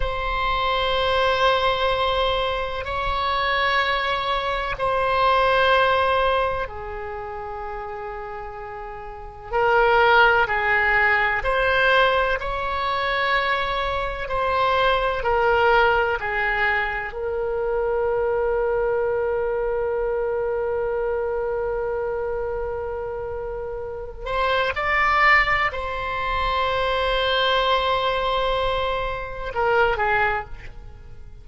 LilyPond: \new Staff \with { instrumentName = "oboe" } { \time 4/4 \tempo 4 = 63 c''2. cis''4~ | cis''4 c''2 gis'4~ | gis'2 ais'4 gis'4 | c''4 cis''2 c''4 |
ais'4 gis'4 ais'2~ | ais'1~ | ais'4. c''8 d''4 c''4~ | c''2. ais'8 gis'8 | }